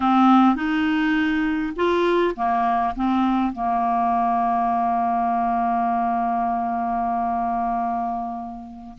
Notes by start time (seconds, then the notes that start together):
0.00 C4
0.55 D#4
1.76 F4
2.35 A#3
2.95 C4
3.52 A#3